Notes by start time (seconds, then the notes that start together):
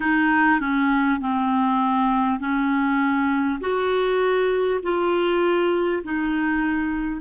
0.00 D#4
0.60 C#4
1.20 C4
2.39 C#4
3.60 F#4
4.83 F4
6.03 D#4